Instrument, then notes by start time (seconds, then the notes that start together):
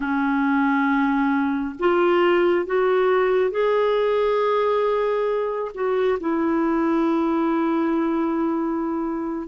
clarinet
0.00 C#4
1.79 F4
2.66 F#4
3.51 G#4
5.74 F#4
6.20 E4